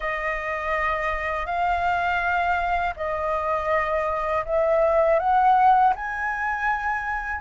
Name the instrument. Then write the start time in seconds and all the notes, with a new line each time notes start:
flute
0.00 D#5
1.45 F5
2.96 D#5
4.45 E5
5.19 F#5
5.95 G#5